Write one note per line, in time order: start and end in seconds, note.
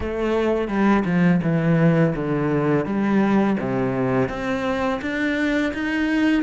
0.00 0.68 A3
0.68 1.03 G3
1.05 1.41 F3
1.43 2.14 E3
2.15 2.85 D3
2.85 3.56 G3
3.59 4.29 C3
4.29 5.00 C4
5.01 5.72 D4
5.73 6.43 D#4